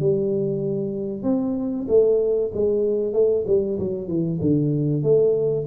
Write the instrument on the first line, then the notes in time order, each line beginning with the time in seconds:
tuba
0.00 G3
1.23 C4
1.88 A3
2.54 G#3
3.13 A3
3.47 G3
3.79 F#3
4.08 E3
4.41 D3
5.03 A3